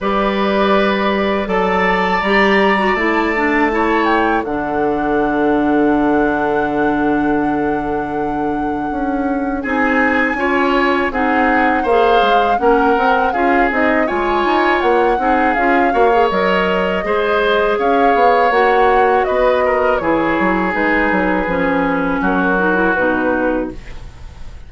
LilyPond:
<<
  \new Staff \with { instrumentName = "flute" } { \time 4/4 \tempo 4 = 81 d''2 a''4 ais''4 | a''4. g''8 fis''2~ | fis''1~ | fis''4 gis''2 fis''4 |
f''4 fis''4 f''8 dis''8 gis''4 | fis''4 f''4 dis''2 | f''4 fis''4 dis''4 cis''4 | b'2 ais'4 b'4 | }
  \new Staff \with { instrumentName = "oboe" } { \time 4/4 b'2 d''2~ | d''4 cis''4 a'2~ | a'1~ | a'4 gis'4 cis''4 gis'4 |
c''4 ais'4 gis'4 cis''4~ | cis''8 gis'4 cis''4. c''4 | cis''2 b'8 ais'8 gis'4~ | gis'2 fis'2 | }
  \new Staff \with { instrumentName = "clarinet" } { \time 4/4 g'2 a'4 g'8. fis'16 | e'8 d'8 e'4 d'2~ | d'1~ | d'4 dis'4 f'4 dis'4 |
gis'4 cis'8 c'8 f'8 dis'8 f'4~ | f'8 dis'8 f'8 fis'16 gis'16 ais'4 gis'4~ | gis'4 fis'2 e'4 | dis'4 cis'4. dis'16 e'16 dis'4 | }
  \new Staff \with { instrumentName = "bassoon" } { \time 4/4 g2 fis4 g4 | a2 d2~ | d1 | cis'4 c'4 cis'4 c'4 |
ais8 gis8 ais8 c'8 cis'8 c'8 gis8 dis'8 | ais8 c'8 cis'8 ais8 fis4 gis4 | cis'8 b8 ais4 b4 e8 fis8 | gis8 fis8 f4 fis4 b,4 | }
>>